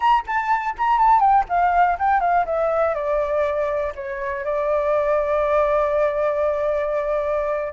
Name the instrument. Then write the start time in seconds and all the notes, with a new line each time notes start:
flute
0.00 A#5
0.26 A5
0.77 A#5
0.98 A5
1.19 G5
1.49 F5
1.99 G5
2.20 F5
2.45 E5
2.94 D5
3.95 C#5
4.44 D5